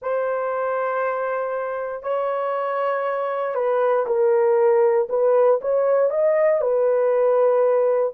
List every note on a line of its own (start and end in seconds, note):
0.02 2.02 C5
2.02 3.54 C#5
3.54 4.05 B4
4.06 5.08 A#4
5.08 5.59 B4
5.61 6.10 C#5
6.10 6.61 D#5
6.61 8.14 B4